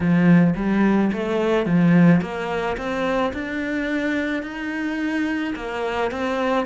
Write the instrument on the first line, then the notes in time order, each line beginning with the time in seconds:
cello
0.00 F3
0.55 G3
1.12 A3
1.66 F3
2.21 A#3
2.77 C4
3.33 D4
4.42 D#4
5.56 A#3
6.11 C4